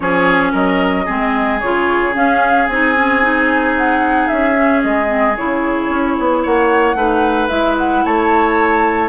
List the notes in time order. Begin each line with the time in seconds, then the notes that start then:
0.00 F3 C#4 G#4 C#5
0.52 F#3 A#4 D#5
1.05 G#3 C4 G#4
1.60 C#3 F4 C#5
2.13 C#4 F5
2.67 C4 D#4 G#5
2.95 C#4
3.22 D#4
3.77 F#5
4.27 C#4 E5
4.55 C#4
4.82 G#3 D#5
5.06 C4
5.36 C#3 E4 C#5
5.89 C#4
6.18 B3
6.42 A#3 C#5 F#5
6.94 A3 D#4 B4
7.48 G#3 E4 E5
7.78 F#5
8.04 A3 C#5 A5